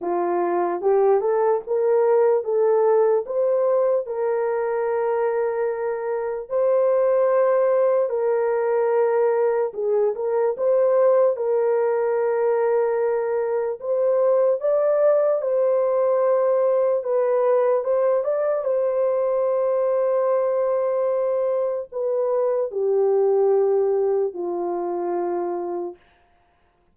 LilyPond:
\new Staff \with { instrumentName = "horn" } { \time 4/4 \tempo 4 = 74 f'4 g'8 a'8 ais'4 a'4 | c''4 ais'2. | c''2 ais'2 | gis'8 ais'8 c''4 ais'2~ |
ais'4 c''4 d''4 c''4~ | c''4 b'4 c''8 d''8 c''4~ | c''2. b'4 | g'2 f'2 | }